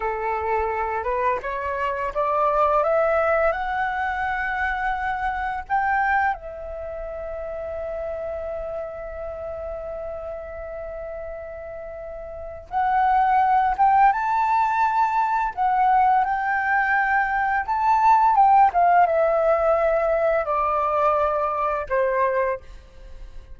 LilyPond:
\new Staff \with { instrumentName = "flute" } { \time 4/4 \tempo 4 = 85 a'4. b'8 cis''4 d''4 | e''4 fis''2. | g''4 e''2.~ | e''1~ |
e''2 fis''4. g''8 | a''2 fis''4 g''4~ | g''4 a''4 g''8 f''8 e''4~ | e''4 d''2 c''4 | }